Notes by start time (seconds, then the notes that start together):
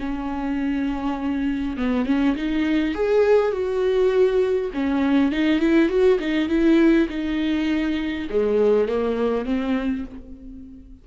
0.00 C#4
1.77 B3
2.06 C#4
2.37 D#4
2.95 G#4
3.52 F#4
4.74 C#4
5.32 D#4
5.60 E4
5.89 F#4
6.20 D#4
6.49 E4
7.09 D#4
8.30 G#3
8.89 A#3
9.46 C4